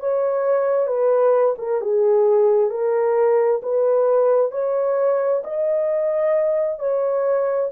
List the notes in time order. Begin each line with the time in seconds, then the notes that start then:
0.00 C#5
0.88 B4
1.59 A#4
1.81 G#4
2.71 A#4
3.63 B4
4.52 C#5
5.44 D#5
6.80 C#5